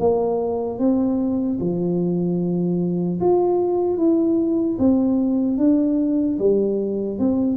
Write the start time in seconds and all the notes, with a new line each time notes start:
0.00 A#3
0.79 C4
1.60 F3
3.21 F4
3.97 E4
4.79 C4
5.58 D4
6.39 G3
7.19 C4